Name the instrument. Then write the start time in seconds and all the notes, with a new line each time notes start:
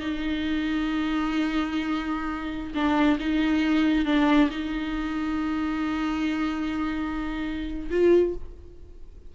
viola
0.00 D#4
2.75 D4
3.20 D#4
4.06 D4
4.50 D#4
7.91 F4